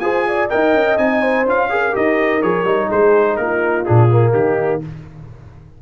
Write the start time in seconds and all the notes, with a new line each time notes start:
0.00 F4 G#4 C5 G#5
0.28 D5
0.50 D#4 A#4 D#5 G5
0.73 C#4
0.97 C4 D#4 G#5
1.21 C5
1.45 C#4 F4 F5
1.69 G#4 A#4
1.92 D#4 G4 D#5
2.42 F3 G#4 C#5
2.64 G3 D#4
2.88 G#3 G#4 C5
3.36 A#3 F4 A#4
3.85 A#2 D4 G#4
4.10 A#3
4.33 D#3 D#4 G4